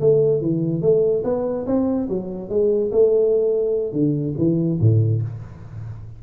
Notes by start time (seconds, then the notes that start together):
0.00 A3
0.41 E3
0.81 A3
1.23 B3
1.66 C4
2.09 F#3
2.49 G#3
2.91 A3
3.92 D3
4.37 E3
4.80 A2